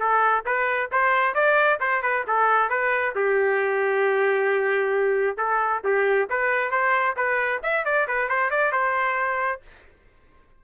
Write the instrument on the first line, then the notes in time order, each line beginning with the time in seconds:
trumpet
0.00 A4
0.46 B4
0.92 C5
1.35 D5
1.81 C5
2.03 B4
2.28 A4
2.70 B4
3.16 G4
5.38 A4
5.84 G4
6.30 B4
6.71 C5
7.17 B4
7.63 E5
7.85 D5
8.08 B4
8.29 C5
8.51 D5
8.73 C5